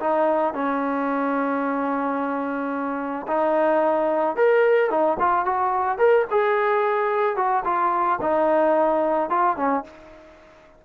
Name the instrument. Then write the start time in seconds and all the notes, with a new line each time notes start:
trombone
0.00 D#4
0.54 C#4
3.28 D#4
4.36 A#4
4.90 D#4
5.19 F4
5.46 F#4
5.99 A#4
6.31 G#4
7.36 F#4
7.65 F4
8.21 D#4
9.30 F4
9.57 C#4